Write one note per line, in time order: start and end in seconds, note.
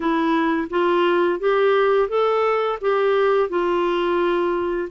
0.00 0.68 E4
0.69 1.39 F4
1.39 2.09 G4
2.09 2.78 A4
2.81 3.49 G4
3.49 4.88 F4